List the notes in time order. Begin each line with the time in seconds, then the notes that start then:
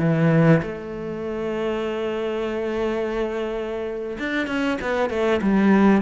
0.00 E3
0.63 A3
4.19 D4
4.48 C#4
4.82 B3
5.10 A3
5.42 G3